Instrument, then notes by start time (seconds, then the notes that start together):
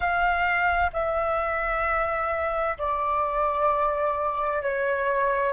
flute
0.00 F5
0.93 E5
2.78 D5
4.62 C#5